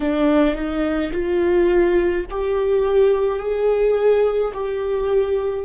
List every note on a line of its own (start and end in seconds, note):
0.00 0.54 D4
0.54 1.11 D#4
1.12 2.25 F4
2.30 3.39 G4
3.39 4.52 G#4
4.53 5.64 G4